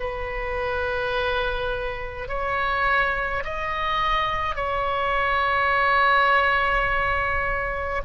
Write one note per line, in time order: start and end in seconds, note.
0.00 2.28 B4
2.28 3.44 C#5
3.45 4.56 D#5
4.56 8.02 C#5